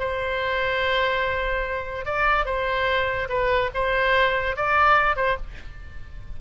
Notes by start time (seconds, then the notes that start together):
0.00 C5
2.06 D5
2.46 C5
3.29 B4
3.74 C5
4.56 D5
5.16 C5